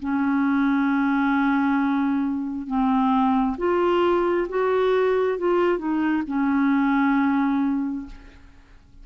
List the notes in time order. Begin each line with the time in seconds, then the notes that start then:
0.00 C#4
2.67 C4
3.58 F4
4.49 F#4
5.39 F4
5.78 D#4
6.28 C#4